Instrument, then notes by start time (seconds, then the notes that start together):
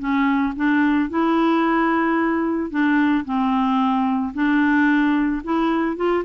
clarinet
0.00 C#4
0.57 D4
1.10 E4
2.71 D4
3.25 C4
4.34 D4
5.44 E4
5.97 F4